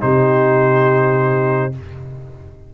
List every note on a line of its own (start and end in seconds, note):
0.00 1.74 C3
0.00 1.71 D#4
0.00 1.74 G4
0.00 1.73 C5